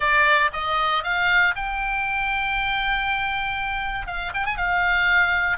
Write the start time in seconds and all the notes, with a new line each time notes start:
0.00 D5
0.52 D#5
1.03 F5
1.55 G5
4.07 F5
4.34 G5
4.45 G#5
4.57 F5